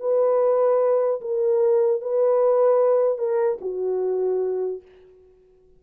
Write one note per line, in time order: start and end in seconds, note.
0.00 1.21 B4
1.21 2.02 A#4
2.02 3.18 B4
3.18 3.59 A#4
3.61 4.82 F#4